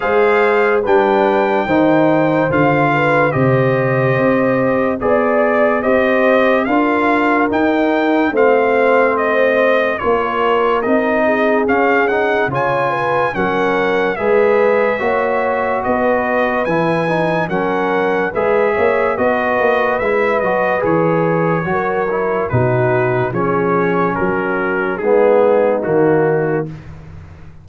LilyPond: <<
  \new Staff \with { instrumentName = "trumpet" } { \time 4/4 \tempo 4 = 72 f''4 g''2 f''4 | dis''2 d''4 dis''4 | f''4 g''4 f''4 dis''4 | cis''4 dis''4 f''8 fis''8 gis''4 |
fis''4 e''2 dis''4 | gis''4 fis''4 e''4 dis''4 | e''8 dis''8 cis''2 b'4 | cis''4 ais'4 gis'4 fis'4 | }
  \new Staff \with { instrumentName = "horn" } { \time 4/4 c''4 b'4 c''4. b'8 | c''2 d''4 c''4 | ais'2 c''2 | ais'4. gis'4. cis''8 b'8 |
ais'4 b'4 cis''4 b'4~ | b'4 ais'4 b'8 cis''8 b'4~ | b'2 ais'4 fis'4 | gis'4 fis'4 dis'2 | }
  \new Staff \with { instrumentName = "trombone" } { \time 4/4 gis'4 d'4 dis'4 f'4 | g'2 gis'4 g'4 | f'4 dis'4 c'2 | f'4 dis'4 cis'8 dis'8 f'4 |
cis'4 gis'4 fis'2 | e'8 dis'8 cis'4 gis'4 fis'4 | e'8 fis'8 gis'4 fis'8 e'8 dis'4 | cis'2 b4 ais4 | }
  \new Staff \with { instrumentName = "tuba" } { \time 4/4 gis4 g4 dis4 d4 | c4 c'4 b4 c'4 | d'4 dis'4 a2 | ais4 c'4 cis'4 cis4 |
fis4 gis4 ais4 b4 | e4 fis4 gis8 ais8 b8 ais8 | gis8 fis8 e4 fis4 b,4 | f4 fis4 gis4 dis4 | }
>>